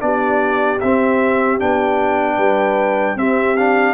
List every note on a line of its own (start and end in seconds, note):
0.00 0.82 B3
0.00 0.79 D4
0.00 2.37 G4
0.00 0.80 D5
0.81 1.62 C4
0.81 1.59 C4
0.81 1.60 E5
1.59 2.38 B3
1.59 3.17 D4
1.59 3.18 G5
2.37 3.16 G3
2.37 3.16 B4
3.16 3.95 C4
3.16 3.57 C4
3.16 3.95 G4
3.16 3.57 E5
3.57 3.95 D4
3.57 3.95 F5